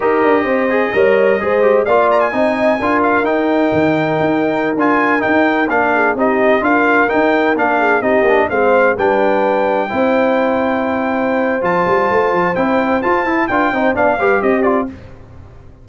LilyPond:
<<
  \new Staff \with { instrumentName = "trumpet" } { \time 4/4 \tempo 4 = 129 dis''1 | f''8 ais''16 gis''4.~ gis''16 f''8 g''4~ | g''2~ g''16 gis''4 g''8.~ | g''16 f''4 dis''4 f''4 g''8.~ |
g''16 f''4 dis''4 f''4 g''8.~ | g''1~ | g''4 a''2 g''4 | a''4 g''4 f''4 dis''8 d''8 | }
  \new Staff \with { instrumentName = "horn" } { \time 4/4 ais'4 c''4 cis''4 c''4 | d''4 dis''4 ais'2~ | ais'1~ | ais'8. gis'8 g'4 ais'4.~ ais'16~ |
ais'8. gis'8 g'4 c''4 b'8.~ | b'4~ b'16 c''2~ c''8.~ | c''1~ | c''4 b'8 c''8 d''8 b'8 g'4 | }
  \new Staff \with { instrumentName = "trombone" } { \time 4/4 g'4. gis'8 ais'4 gis'8 g'8 | f'4 dis'4 f'4 dis'4~ | dis'2~ dis'16 f'4 dis'8.~ | dis'16 d'4 dis'4 f'4 dis'8.~ |
dis'16 d'4 dis'8 d'8 c'4 d'8.~ | d'4~ d'16 e'2~ e'8.~ | e'4 f'2 e'4 | f'8 e'8 f'8 dis'8 d'8 g'4 f'8 | }
  \new Staff \with { instrumentName = "tuba" } { \time 4/4 dis'8 d'8 c'4 g4 gis4 | ais4 c'4 d'4 dis'4 | dis4 dis'4~ dis'16 d'4 dis'8.~ | dis'16 ais4 c'4 d'4 dis'8.~ |
dis'16 ais4 c'8 ais8 gis4 g8.~ | g4~ g16 c'2~ c'8.~ | c'4 f8 g8 a8 f8 c'4 | f'8 e'8 d'8 c'8 b8 g8 c'4 | }
>>